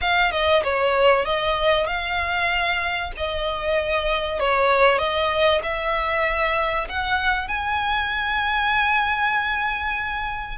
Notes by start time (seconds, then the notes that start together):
0.01 F5
0.31 D#5
0.63 C#5
1.25 D#5
1.86 F5
3.16 D#5
4.39 C#5
4.98 D#5
5.62 E5
6.88 F#5
7.48 G#5